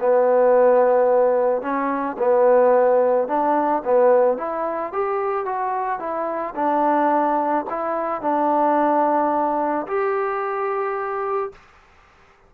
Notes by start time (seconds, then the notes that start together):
0.00 B3
1.61 C#4
2.18 B3
3.27 D4
3.84 B3
4.37 E4
4.92 G4
5.45 F#4
5.99 E4
6.55 D4
7.69 E4
8.21 D4
9.86 G4